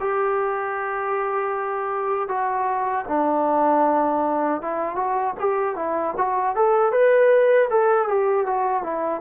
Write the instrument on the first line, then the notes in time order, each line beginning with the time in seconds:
trombone
0.00 G4
2.28 F#4
3.08 D4
4.61 E4
4.95 F#4
5.40 G4
5.76 E4
6.17 F#4
6.55 A4
6.92 B4
7.70 A4
8.08 G4
8.46 F#4
8.83 E4